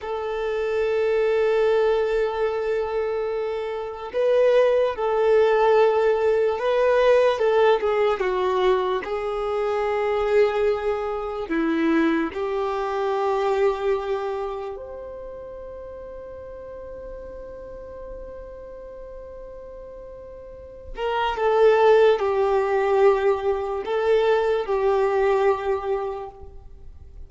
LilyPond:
\new Staff \with { instrumentName = "violin" } { \time 4/4 \tempo 4 = 73 a'1~ | a'4 b'4 a'2 | b'4 a'8 gis'8 fis'4 gis'4~ | gis'2 e'4 g'4~ |
g'2 c''2~ | c''1~ | c''4. ais'8 a'4 g'4~ | g'4 a'4 g'2 | }